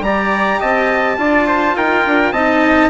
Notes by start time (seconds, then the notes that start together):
0.00 G3 G4 D5 A#5
0.59 C4 D#5 A5
1.17 D4 F4 D5
1.47 C5
1.76 D#4 A#4 G5
2.06 D4
2.32 C4 D#4 D#5 A5